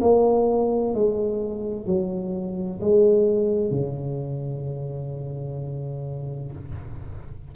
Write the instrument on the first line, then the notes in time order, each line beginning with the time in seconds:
tuba
0.00 A#3
0.94 G#3
1.86 F#3
2.80 G#3
3.70 C#3